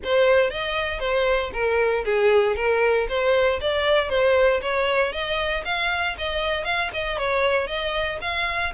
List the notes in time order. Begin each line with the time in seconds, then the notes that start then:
0.03 C5
0.50 D#5
0.99 C5
1.53 A#4
2.04 G#4
2.55 A#4
3.08 C5
3.60 D5
4.09 C5
4.61 C#5
5.12 D#5
5.64 F5
6.17 D#5
6.64 F5
6.93 D#5
7.18 C#5
7.67 D#5
8.21 F5